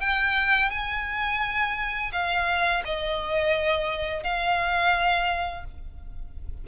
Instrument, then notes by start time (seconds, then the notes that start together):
violin
0.00 G5
0.70 G#5
2.12 F5
2.85 D#5
4.23 F5